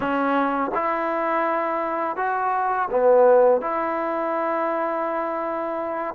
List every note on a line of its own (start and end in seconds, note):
0.00 0.71 C#4
0.74 2.16 E4
2.16 2.88 F#4
2.90 3.61 B3
3.61 6.14 E4